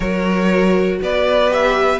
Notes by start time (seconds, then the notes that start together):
0.00 F#3 F#4 A#4 C#5
1.01 B3 B4 D5
1.49 G4 E5